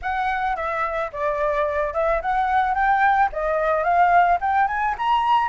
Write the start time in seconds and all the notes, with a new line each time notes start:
0.02 F#5
0.56 E5
1.12 D5
1.93 E5
2.21 F#5
2.74 G5
3.32 D#5
3.83 F5
4.40 G5
4.67 G#5
4.97 A#5